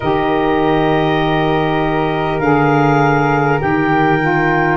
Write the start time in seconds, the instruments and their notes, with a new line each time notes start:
0.00 tuba D#3, saxophone G4, flute A#4, clarinet D#5
2.39 tuba D3, saxophone G#4, clarinet F5
3.58 tuba D#3, saxophone G4, clarinet G5
4.21 saxophone F4